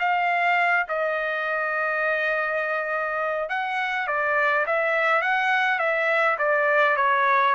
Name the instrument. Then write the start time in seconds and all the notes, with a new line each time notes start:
trumpet
0.00 F5
0.89 D#5
3.50 F#5
4.08 D5
4.67 E5
5.22 F#5
5.79 E5
6.39 D5
6.97 C#5